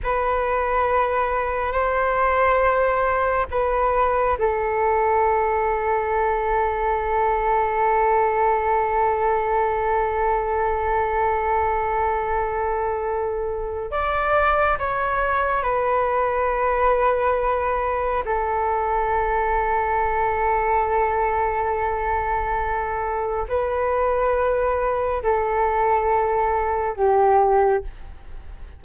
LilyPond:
\new Staff \with { instrumentName = "flute" } { \time 4/4 \tempo 4 = 69 b'2 c''2 | b'4 a'2.~ | a'1~ | a'1 |
d''4 cis''4 b'2~ | b'4 a'2.~ | a'2. b'4~ | b'4 a'2 g'4 | }